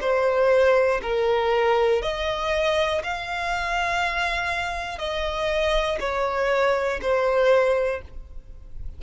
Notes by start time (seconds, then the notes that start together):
0.00 C5
1.01 A#4
2.01 D#5
3.03 F5
4.98 D#5
6.00 C#5
7.01 C5